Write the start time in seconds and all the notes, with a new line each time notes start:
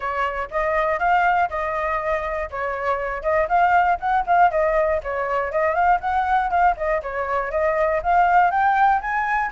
0.00 C#5
0.50 D#5
0.99 F5
1.49 D#5
2.50 C#5
3.22 D#5
3.48 F5
4.00 F#5
4.26 F5
4.50 D#5
5.03 C#5
5.51 D#5
5.74 F5
6.00 F#5
6.50 F5
6.76 D#5
7.02 C#5
7.51 D#5
8.02 F5
8.50 G5
9.01 G#5